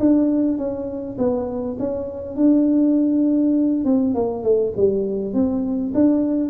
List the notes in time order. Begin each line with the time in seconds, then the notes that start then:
0.00 D4
0.58 C#4
1.19 B3
1.80 C#4
2.37 D4
3.85 C4
4.15 A#3
4.44 A3
4.77 G3
5.34 C4
5.95 D4